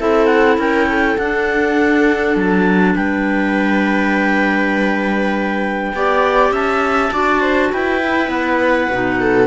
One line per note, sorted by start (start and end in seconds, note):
0.00 0.58 C4
0.00 1.19 E4
0.00 0.59 A4
0.00 0.26 E5
0.26 0.56 F#5
0.58 1.17 C#4
0.58 0.89 A#4
0.58 1.18 G5
0.89 2.96 A4
1.18 2.36 D4
1.18 5.95 D4
1.18 2.37 F#5
2.36 2.95 F#3
2.36 2.96 A5
2.96 5.94 G3
2.96 5.93 B4
2.96 6.53 G5
5.94 6.51 B3
5.94 7.12 G4
5.94 6.53 D5
6.51 7.11 C#4
6.51 7.12 E5
6.51 7.73 A5
7.12 7.73 D4
7.12 8.01 F#4
7.12 7.41 D5
7.41 7.70 C5
7.73 8.29 E4
7.73 9.21 B4
7.73 8.30 G5
8.02 8.91 E4
8.29 8.88 B3
8.29 9.48 F#5
8.91 9.48 B2
8.91 9.48 D#4
9.21 9.48 A4